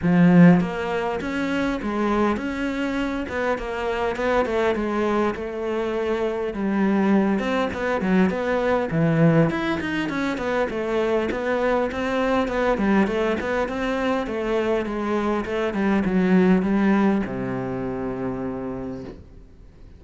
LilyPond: \new Staff \with { instrumentName = "cello" } { \time 4/4 \tempo 4 = 101 f4 ais4 cis'4 gis4 | cis'4. b8 ais4 b8 a8 | gis4 a2 g4~ | g8 c'8 b8 fis8 b4 e4 |
e'8 dis'8 cis'8 b8 a4 b4 | c'4 b8 g8 a8 b8 c'4 | a4 gis4 a8 g8 fis4 | g4 c2. | }